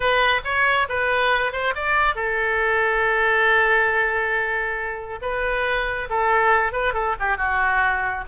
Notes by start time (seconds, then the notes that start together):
0.00 B4
0.44 C#5
0.89 B4
1.52 C5
1.75 D5
2.15 A4
5.21 B4
6.09 A4
6.72 B4
6.93 A4
7.19 G4
7.37 F#4